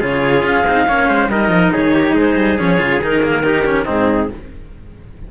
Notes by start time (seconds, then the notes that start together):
0.00 C#3 F4 G#4 C#5
0.43 C#4 F5
0.66 C4 D#4
0.88 A#3 C#4 C#5
1.09 G#3 C5
1.29 G3 D#4 A#4 D#5
1.49 F3
1.73 D#3 G#4 C#5
1.94 G4
2.14 G#3 G#4 C5
2.36 G3
2.59 F3 C#4 C#5
2.78 C#3 F4
3.01 D#3 D#4 A#4
3.23 A#3
3.44 D#4 G4
3.66 C#4
3.86 G#2 C4 D#4 G#4